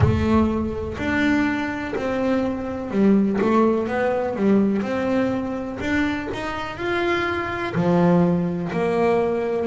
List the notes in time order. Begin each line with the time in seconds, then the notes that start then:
0.00 A3
0.97 D4
1.95 C4
2.90 G3
3.41 A3
3.87 B3
4.35 G3
4.81 C4
5.80 D4
6.33 D#4
6.77 F4
7.74 F3
8.72 A#3